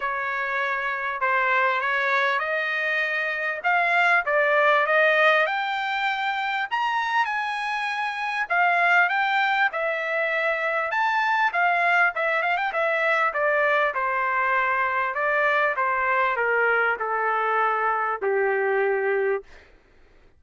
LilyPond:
\new Staff \with { instrumentName = "trumpet" } { \time 4/4 \tempo 4 = 99 cis''2 c''4 cis''4 | dis''2 f''4 d''4 | dis''4 g''2 ais''4 | gis''2 f''4 g''4 |
e''2 a''4 f''4 | e''8 f''16 g''16 e''4 d''4 c''4~ | c''4 d''4 c''4 ais'4 | a'2 g'2 | }